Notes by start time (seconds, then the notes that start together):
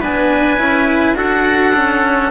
0.00 B3 D4 B4 G#5
0.58 C#4 E4
1.14 D4 F#4 A4 F#5
1.74 C#4